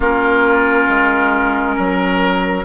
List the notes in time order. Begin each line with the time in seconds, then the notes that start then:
0.00 A#3 C#4 F4 A#4
0.88 G#3
1.76 F#3 A#4